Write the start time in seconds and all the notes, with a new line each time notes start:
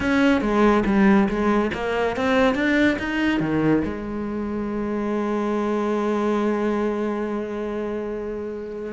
0.00 C#4
0.41 G#3
0.85 G3
1.28 G#3
1.74 A#3
2.16 C4
2.54 D4
2.98 D#4
3.40 D#3
3.84 G#3